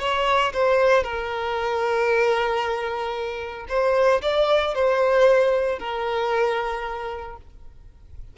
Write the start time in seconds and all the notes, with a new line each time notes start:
0.00 C#5
0.53 C5
1.03 A#4
3.69 C5
4.22 D5
4.75 C5
5.79 A#4